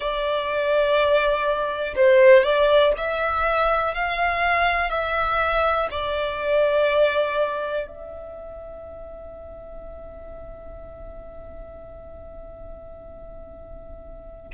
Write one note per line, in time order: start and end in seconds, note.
0.00 1.94 D5
1.95 2.43 C5
2.43 2.92 D5
2.97 3.94 E5
3.94 4.90 F5
4.90 5.88 E5
5.90 7.87 D5
7.87 14.51 E5